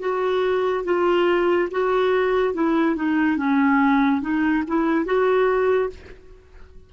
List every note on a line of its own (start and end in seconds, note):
0.00 0.85 F#4
0.85 1.69 F4
1.71 2.54 F#4
2.54 2.96 E4
2.96 3.37 D#4
3.37 4.21 C#4
4.21 4.64 D#4
4.67 5.06 E4
5.06 5.90 F#4